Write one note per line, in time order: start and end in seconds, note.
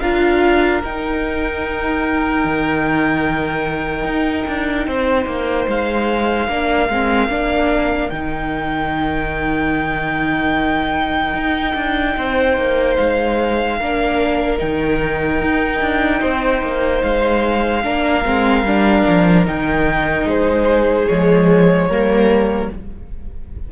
0.00 0.83 D4
0.00 0.84 F4
0.00 4.88 A#4
0.00 0.81 F5
0.84 2.45 D#4
0.84 6.49 D#4
0.84 5.70 G5
2.45 4.05 D#3
4.05 4.45 D#4
4.47 4.87 D4
4.87 5.26 C4
4.87 6.48 C5
5.26 5.66 A#3
5.68 6.48 G#3
5.68 8.10 F5
6.48 6.89 A#3
6.48 6.89 D4
6.48 12.16 A#4
6.89 7.29 G#3
6.89 7.30 C4
7.29 8.10 A#3
7.29 8.11 D4
8.10 11.34 D#3
8.10 13.81 D#4
8.10 12.96 G5
11.34 11.75 D#4
11.76 12.16 D4
12.17 12.57 C4
12.17 13.78 C5
12.57 12.98 A#3
12.97 13.81 G#3
12.97 14.59 F5
13.78 14.61 A#3
13.78 14.58 D4
13.78 16.21 A#4
14.58 15.42 D#3
14.58 17.83 D#4
14.58 17.03 G5
15.42 15.81 D#4
15.81 16.22 D4
16.21 16.62 C4
16.21 17.83 C5
16.62 17.03 A#3
17.03 17.85 G#3
17.03 19.46 F5
17.84 18.25 A#3
17.84 18.24 D4
17.84 20.28 A#4
18.25 18.64 G#3
18.25 18.66 C4
18.64 19.04 G3
18.64 19.46 D4
19.08 19.48 F3
19.46 20.25 D#3
19.46 21.08 D#4
19.46 20.28 G5
20.25 21.06 G#3
20.25 21.88 G#4
20.25 21.08 C5
21.08 21.88 F3
21.08 21.91 G#3
21.08 22.70 C#5
21.88 22.69 G3
21.88 22.72 A#3
21.88 22.69 A#4